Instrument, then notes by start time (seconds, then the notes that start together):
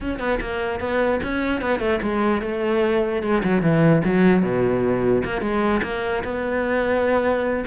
cello
0.00 C#4
0.19 B3
0.40 A#3
0.80 B3
1.22 C#4
1.61 B3
1.79 A3
2.02 G#3
2.41 A3
3.22 G#3
3.43 F#3
3.61 E3
4.04 F#3
4.42 B2
5.24 A#3
5.41 G#3
5.82 A#3
6.23 B3